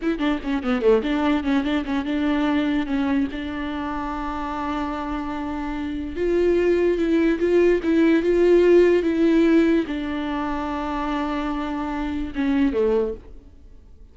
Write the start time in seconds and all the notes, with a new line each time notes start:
0.02 E4
0.18 D4
0.43 C#4
0.63 B3
0.81 A3
1.02 D4
1.43 C#4
1.63 D4
1.85 C#4
2.05 D4
2.86 C#4
3.31 D4
6.16 F4
6.98 E4
7.39 F4
7.83 E4
8.22 F4
9.02 E4
9.86 D4
12.35 C#4
12.72 A3